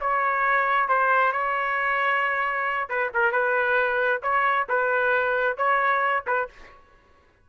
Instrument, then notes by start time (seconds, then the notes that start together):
trumpet
0.00 C#5
0.88 C5
1.32 C#5
2.89 B4
3.13 A#4
3.32 B4
4.22 C#5
4.68 B4
5.57 C#5
6.26 B4